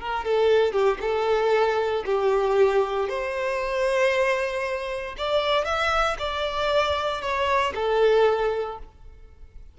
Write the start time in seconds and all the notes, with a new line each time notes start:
0.00 A#4
0.25 A4
0.72 G4
1.01 A4
2.05 G4
3.08 C5
5.17 D5
5.65 E5
6.19 D5
7.22 C#5
7.75 A4